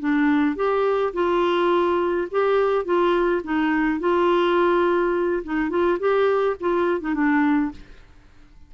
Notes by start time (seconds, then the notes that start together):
0.00 D4
0.56 G4
1.14 F4
2.31 G4
2.85 F4
3.44 D#4
4.00 F4
5.44 D#4
5.70 F4
5.99 G4
6.61 F4
7.01 D#4
7.15 D4